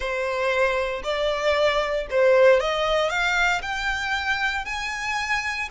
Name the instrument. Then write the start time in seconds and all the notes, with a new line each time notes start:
violin
0.00 C5
1.03 D5
2.10 C5
2.60 D#5
3.09 F5
3.61 G5
4.65 G#5